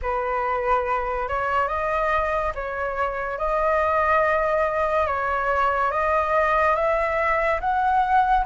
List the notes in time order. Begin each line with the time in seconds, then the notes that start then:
0.02 B4
1.28 C#5
1.68 D#5
2.54 C#5
3.38 D#5
5.07 C#5
5.91 D#5
6.75 E5
7.60 F#5